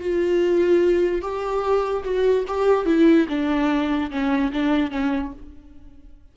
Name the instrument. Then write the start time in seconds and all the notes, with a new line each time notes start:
viola
0.00 F4
1.22 G4
2.04 F#4
2.48 G4
2.86 E4
3.28 D4
4.11 C#4
4.53 D4
4.91 C#4